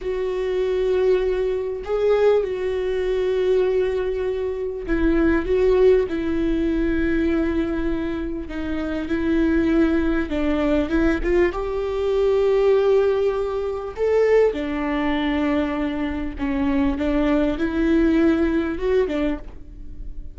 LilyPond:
\new Staff \with { instrumentName = "viola" } { \time 4/4 \tempo 4 = 99 fis'2. gis'4 | fis'1 | e'4 fis'4 e'2~ | e'2 dis'4 e'4~ |
e'4 d'4 e'8 f'8 g'4~ | g'2. a'4 | d'2. cis'4 | d'4 e'2 fis'8 d'8 | }